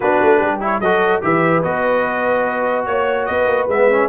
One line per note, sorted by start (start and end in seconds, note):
0.00 0.21 B3
0.00 0.60 D4
0.00 0.38 F#4
0.00 0.60 B4
0.22 0.41 A3
0.38 0.80 G3
0.38 0.79 G4
0.60 0.81 E4
0.60 0.80 C#5
0.80 1.21 F#3
0.80 1.21 F#4
0.80 1.23 A4
0.80 1.21 D#5
1.21 1.63 E3
1.21 1.62 G4
1.21 2.88 B4
1.21 1.63 E5
1.63 2.87 B3
1.63 3.68 F#4
1.63 2.85 D#5
2.85 3.28 A#3
2.85 3.25 C#5
2.85 3.27 C#5
3.25 3.46 B3
3.25 4.08 B4
3.25 3.66 D#5
3.46 3.66 A#3
3.67 4.08 G#3
3.67 3.90 B3
3.67 4.08 E5
3.90 4.08 C#4